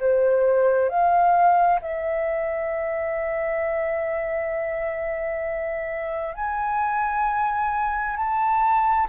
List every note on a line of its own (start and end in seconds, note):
0.00 0.89 C5
0.89 1.80 F5
1.82 6.35 E5
6.35 8.16 G#5
8.16 9.07 A5